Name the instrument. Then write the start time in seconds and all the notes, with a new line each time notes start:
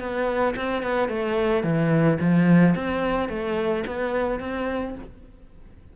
cello
0.00 B3
0.57 C4
0.83 B3
1.09 A3
1.63 E3
2.21 F3
2.75 C4
3.29 A3
3.87 B3
4.40 C4